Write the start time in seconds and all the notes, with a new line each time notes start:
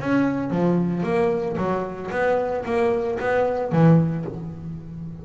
0.00 C#4
0.51 F3
1.04 A#3
1.58 F#3
2.12 B3
2.66 A#3
3.20 B3
3.72 E3